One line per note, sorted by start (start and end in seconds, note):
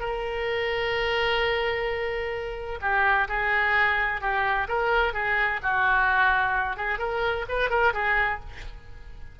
0.00 2.79 A#4
2.81 3.28 G4
3.28 4.21 G#4
4.21 4.68 G4
4.68 5.14 A#4
5.14 5.60 G#4
5.63 6.77 F#4
6.77 6.99 G#4
6.99 7.45 A#4
7.49 7.70 B4
7.70 7.93 A#4
7.94 8.40 G#4